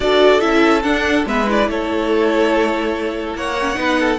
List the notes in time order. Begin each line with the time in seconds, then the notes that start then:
0.00 D4 F#4 A4 D5
0.40 C#4 E4 E5
0.83 D4 F#5
1.25 G#3 B3 B4 E5
1.46 E4 D5
1.67 A3 A4 C#5
3.34 A#3 C#5 F#5
3.60 C#4
3.74 B3 D#4 B4
4.00 A4